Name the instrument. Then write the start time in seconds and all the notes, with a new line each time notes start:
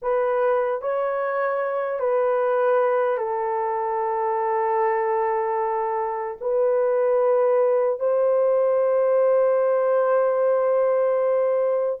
horn
0.02 B4
0.81 C#5
1.99 B4
3.17 A4
6.40 B4
7.99 C5